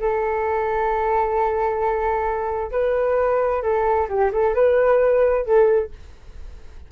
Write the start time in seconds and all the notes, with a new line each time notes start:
0.00 A4
2.71 B4
3.62 A4
4.09 G4
4.32 A4
4.54 B4
5.45 A4